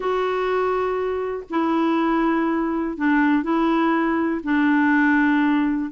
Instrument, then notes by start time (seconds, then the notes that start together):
clarinet
0.00 F#4
1.50 E4
2.97 D4
3.43 E4
4.43 D4